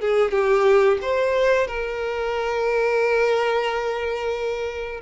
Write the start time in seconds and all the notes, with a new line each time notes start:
0.00 G#4
0.31 G4
1.01 C5
1.67 A#4